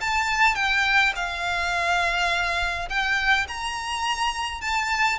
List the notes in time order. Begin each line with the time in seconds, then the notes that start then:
0.00 A5
0.55 G5
1.15 F5
2.89 G5
3.48 A#5
4.61 A5